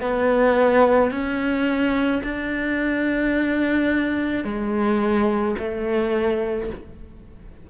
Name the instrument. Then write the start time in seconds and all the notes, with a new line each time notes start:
cello
0.00 B3
1.11 C#4
2.23 D4
4.44 G#3
5.58 A3